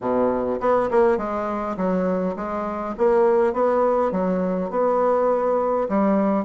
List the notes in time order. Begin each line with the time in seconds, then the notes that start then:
0.00 B2
0.60 B3
0.91 A#3
1.17 G#3
1.76 F#3
2.36 G#3
2.97 A#3
3.53 B3
4.11 F#3
4.70 B3
5.89 G3